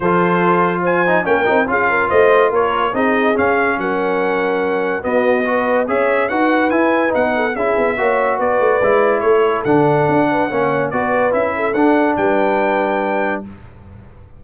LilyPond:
<<
  \new Staff \with { instrumentName = "trumpet" } { \time 4/4 \tempo 4 = 143 c''2 gis''4 g''4 | f''4 dis''4 cis''4 dis''4 | f''4 fis''2. | dis''2 e''4 fis''4 |
gis''4 fis''4 e''2 | d''2 cis''4 fis''4~ | fis''2 d''4 e''4 | fis''4 g''2. | }
  \new Staff \with { instrumentName = "horn" } { \time 4/4 a'2 c''4 ais'4 | gis'8 ais'8 c''4 ais'4 gis'4~ | gis'4 ais'2. | fis'4 b'4 cis''4 b'4~ |
b'4. a'8 gis'4 cis''4 | b'2 a'2~ | a'8 b'8 cis''4 b'4. a'8~ | a'4 b'2. | }
  \new Staff \with { instrumentName = "trombone" } { \time 4/4 f'2~ f'8 dis'8 cis'8 dis'8 | f'2. dis'4 | cis'1 | b4 fis'4 gis'4 fis'4 |
e'4 dis'4 e'4 fis'4~ | fis'4 e'2 d'4~ | d'4 cis'4 fis'4 e'4 | d'1 | }
  \new Staff \with { instrumentName = "tuba" } { \time 4/4 f2. ais8 c'8 | cis'4 a4 ais4 c'4 | cis'4 fis2. | b2 cis'4 dis'4 |
e'4 b4 cis'8 b8 ais4 | b8 a8 gis4 a4 d4 | d'4 ais4 b4 cis'4 | d'4 g2. | }
>>